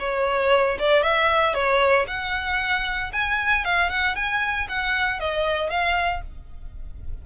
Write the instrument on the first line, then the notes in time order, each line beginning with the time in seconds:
violin
0.00 C#5
0.79 D5
1.03 E5
1.55 C#5
2.08 F#5
3.13 G#5
3.65 F5
3.90 F#5
4.16 G#5
4.69 F#5
5.20 D#5
5.70 F5